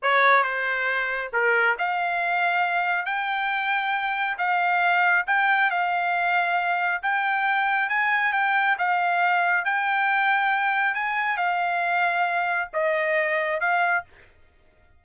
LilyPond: \new Staff \with { instrumentName = "trumpet" } { \time 4/4 \tempo 4 = 137 cis''4 c''2 ais'4 | f''2. g''4~ | g''2 f''2 | g''4 f''2. |
g''2 gis''4 g''4 | f''2 g''2~ | g''4 gis''4 f''2~ | f''4 dis''2 f''4 | }